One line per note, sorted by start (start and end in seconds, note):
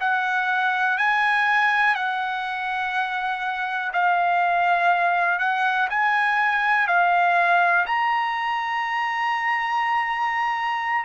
0.00 0.98 F#5
0.98 1.95 G#5
1.95 3.92 F#5
3.93 5.39 F5
5.39 5.88 F#5
5.90 6.87 G#5
6.87 7.86 F5
7.86 11.04 A#5